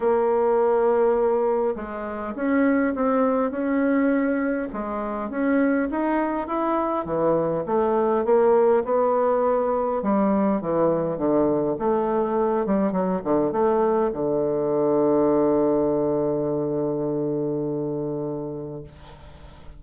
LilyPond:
\new Staff \with { instrumentName = "bassoon" } { \time 4/4 \tempo 4 = 102 ais2. gis4 | cis'4 c'4 cis'2 | gis4 cis'4 dis'4 e'4 | e4 a4 ais4 b4~ |
b4 g4 e4 d4 | a4. g8 fis8 d8 a4 | d1~ | d1 | }